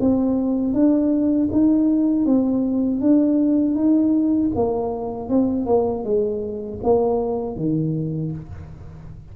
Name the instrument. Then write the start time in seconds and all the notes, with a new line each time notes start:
tuba
0.00 C4
0.73 D4
1.52 D#4
2.25 C4
3.01 D4
3.75 D#4
4.55 A#3
5.29 C4
5.66 A#3
6.04 G#3
6.83 A#3
7.56 D#3